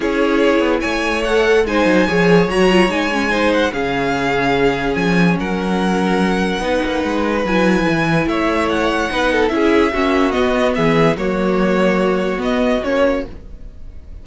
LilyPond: <<
  \new Staff \with { instrumentName = "violin" } { \time 4/4 \tempo 4 = 145 cis''2 gis''4 fis''4 | gis''2 ais''4 gis''4~ | gis''8 fis''8 f''2. | gis''4 fis''2.~ |
fis''2 gis''2 | e''4 fis''2 e''4~ | e''4 dis''4 e''4 cis''4~ | cis''2 dis''4 cis''4 | }
  \new Staff \with { instrumentName = "violin" } { \time 4/4 gis'2 cis''2 | c''4 cis''2. | c''4 gis'2.~ | gis'4 ais'2. |
b'1 | cis''2 b'8 a'8 gis'4 | fis'2 gis'4 fis'4~ | fis'1 | }
  \new Staff \with { instrumentName = "viola" } { \time 4/4 e'2. a'4 | dis'4 gis'4 fis'8 f'8 dis'8 cis'8 | dis'4 cis'2.~ | cis'1 |
dis'2 e'2~ | e'2 dis'4 e'4 | cis'4 b2 ais4~ | ais2 b4 cis'4 | }
  \new Staff \with { instrumentName = "cello" } { \time 4/4 cis'4. b8 a2 | gis8 fis8 f4 fis4 gis4~ | gis4 cis2. | f4 fis2. |
b8 ais8 gis4 fis4 e4 | a2 b4 cis'4 | ais4 b4 e4 fis4~ | fis2 b4 ais4 | }
>>